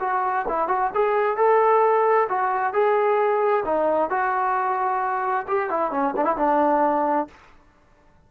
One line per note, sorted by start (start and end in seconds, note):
0.00 0.45 F#4
0.48 0.68 E4
0.68 0.91 F#4
0.94 1.37 G#4
1.37 2.27 A4
2.29 2.73 F#4
2.73 3.64 G#4
3.65 4.10 D#4
4.10 5.46 F#4
5.48 5.70 G4
5.70 5.91 E4
5.91 6.14 C#4
6.17 6.25 D4
6.25 6.36 E4
6.37 7.27 D4